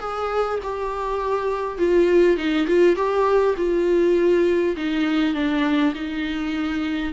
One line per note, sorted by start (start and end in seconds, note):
0.00 0.59 G#4
0.63 1.79 G4
1.79 2.37 F4
2.37 2.67 D#4
2.67 2.96 F4
2.96 3.56 G4
3.57 4.76 F4
4.77 5.35 D#4
5.35 5.94 D4
5.95 7.14 D#4